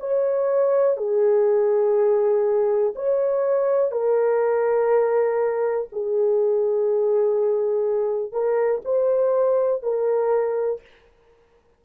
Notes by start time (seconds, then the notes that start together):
0.00 C#5
0.97 G#4
2.96 C#5
3.92 A#4
5.92 G#4
8.32 A#4
8.84 C5
9.83 A#4